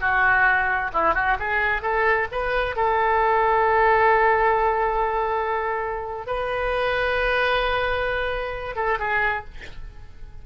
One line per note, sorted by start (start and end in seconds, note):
0.00 0.91 F#4
0.93 1.14 E4
1.14 1.37 F#4
1.39 1.82 G#4
1.82 2.27 A4
2.31 2.76 B4
2.76 6.26 A4
6.26 8.75 B4
8.75 8.98 A4
8.99 9.44 G#4